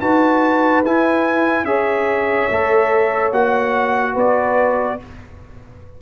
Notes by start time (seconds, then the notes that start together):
0.00 D#4 F#4 B4 A5
0.85 E4 G#5
1.64 C#4 G#4 C#5 E5
2.51 A3 A4
3.31 A#3 F#4 F#5
4.13 B3 B4 D5